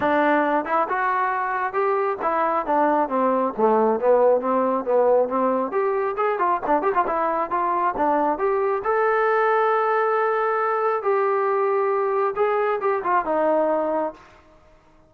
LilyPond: \new Staff \with { instrumentName = "trombone" } { \time 4/4 \tempo 4 = 136 d'4. e'8 fis'2 | g'4 e'4 d'4 c'4 | a4 b4 c'4 b4 | c'4 g'4 gis'8 f'8 d'8 g'16 f'16 |
e'4 f'4 d'4 g'4 | a'1~ | a'4 g'2. | gis'4 g'8 f'8 dis'2 | }